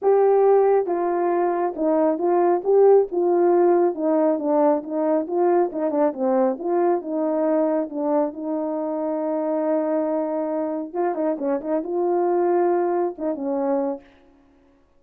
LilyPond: \new Staff \with { instrumentName = "horn" } { \time 4/4 \tempo 4 = 137 g'2 f'2 | dis'4 f'4 g'4 f'4~ | f'4 dis'4 d'4 dis'4 | f'4 dis'8 d'8 c'4 f'4 |
dis'2 d'4 dis'4~ | dis'1~ | dis'4 f'8 dis'8 cis'8 dis'8 f'4~ | f'2 dis'8 cis'4. | }